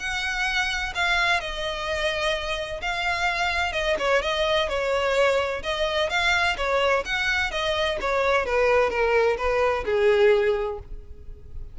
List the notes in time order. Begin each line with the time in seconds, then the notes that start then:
0.00 F#5
0.95 F5
1.41 D#5
2.82 F5
3.73 D#5
3.99 C#5
4.23 D#5
4.69 C#5
5.63 D#5
6.10 F5
6.58 C#5
7.05 F#5
7.52 D#5
8.01 C#5
8.46 B4
8.90 A#4
9.38 B4
9.85 G#4